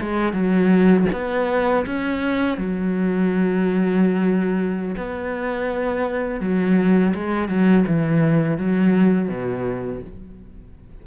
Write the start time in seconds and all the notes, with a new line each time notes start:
0.00 G#3
0.32 F#3
1.12 B3
1.86 C#4
2.57 F#3
4.96 B3
6.40 F#3
7.14 G#3
7.48 F#3
7.86 E3
8.57 F#3
9.28 B2